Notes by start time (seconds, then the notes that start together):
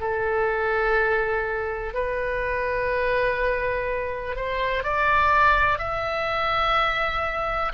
0.00 A4
1.94 B4
4.36 C5
4.84 D5
5.79 E5